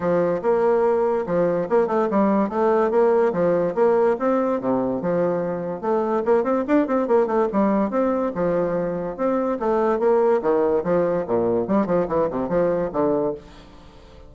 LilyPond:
\new Staff \with { instrumentName = "bassoon" } { \time 4/4 \tempo 4 = 144 f4 ais2 f4 | ais8 a8 g4 a4 ais4 | f4 ais4 c'4 c4 | f2 a4 ais8 c'8 |
d'8 c'8 ais8 a8 g4 c'4 | f2 c'4 a4 | ais4 dis4 f4 ais,4 | g8 f8 e8 c8 f4 d4 | }